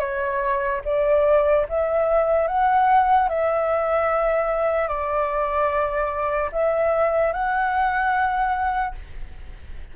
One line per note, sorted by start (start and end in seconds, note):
0.00 0.81 C#5
0.85 1.66 D5
1.69 2.48 E5
2.48 3.29 F#5
3.29 4.88 E5
4.88 6.50 D5
6.52 7.33 E5
7.33 8.95 F#5